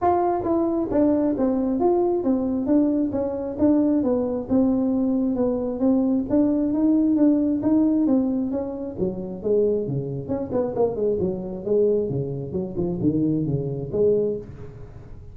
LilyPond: \new Staff \with { instrumentName = "tuba" } { \time 4/4 \tempo 4 = 134 f'4 e'4 d'4 c'4 | f'4 c'4 d'4 cis'4 | d'4 b4 c'2 | b4 c'4 d'4 dis'4 |
d'4 dis'4 c'4 cis'4 | fis4 gis4 cis4 cis'8 b8 | ais8 gis8 fis4 gis4 cis4 | fis8 f8 dis4 cis4 gis4 | }